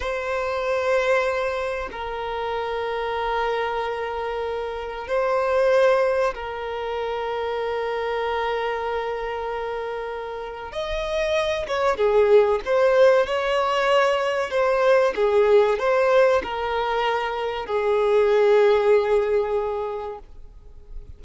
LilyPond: \new Staff \with { instrumentName = "violin" } { \time 4/4 \tempo 4 = 95 c''2. ais'4~ | ais'1 | c''2 ais'2~ | ais'1~ |
ais'4 dis''4. cis''8 gis'4 | c''4 cis''2 c''4 | gis'4 c''4 ais'2 | gis'1 | }